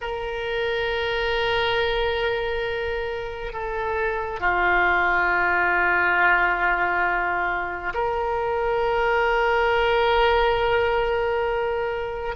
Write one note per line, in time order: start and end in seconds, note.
0.01 3.53 A#4
3.53 4.40 A4
4.40 7.93 F4
7.94 12.35 A#4